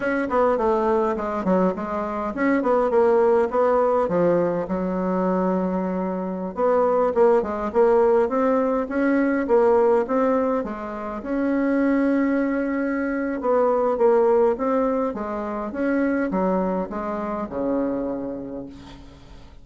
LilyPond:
\new Staff \with { instrumentName = "bassoon" } { \time 4/4 \tempo 4 = 103 cis'8 b8 a4 gis8 fis8 gis4 | cis'8 b8 ais4 b4 f4 | fis2.~ fis16 b8.~ | b16 ais8 gis8 ais4 c'4 cis'8.~ |
cis'16 ais4 c'4 gis4 cis'8.~ | cis'2. b4 | ais4 c'4 gis4 cis'4 | fis4 gis4 cis2 | }